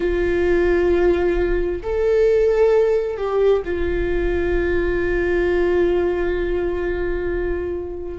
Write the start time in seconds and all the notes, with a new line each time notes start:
0.00 F4
1.83 A4
3.17 G4
3.64 F4